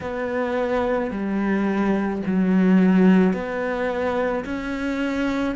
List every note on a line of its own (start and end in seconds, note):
0.01 1.11 B3
1.11 2.22 G3
2.26 3.33 F#3
3.33 4.44 B3
4.44 5.55 C#4